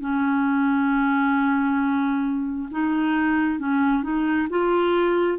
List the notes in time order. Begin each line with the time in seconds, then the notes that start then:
0.00 C#4
2.71 D#4
3.59 C#4
4.03 D#4
4.49 F4